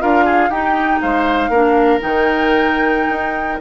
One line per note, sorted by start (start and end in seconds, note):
0.00 0.49 D4
0.00 0.50 F4
0.00 0.25 A#4
0.00 0.50 F5
0.25 0.49 G#4
0.49 0.99 D#4
0.49 1.53 D#4
0.49 0.99 G4
0.49 1.00 G5
1.01 1.49 G#3
1.01 1.50 C5
1.01 2.00 F5
1.49 1.99 A#3
1.49 2.00 D4
1.49 3.60 A#4
2.00 3.09 D#3
2.00 3.60 D#4
2.00 3.60 G5
3.09 3.59 D#4